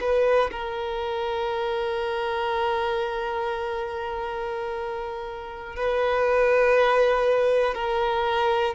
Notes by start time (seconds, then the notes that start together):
0.00 B4
0.50 A#4
5.75 B4
7.74 A#4